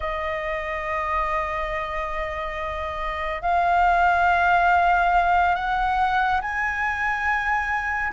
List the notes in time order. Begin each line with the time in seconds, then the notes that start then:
0.00 D#5
3.42 F5
5.55 F#5
6.41 G#5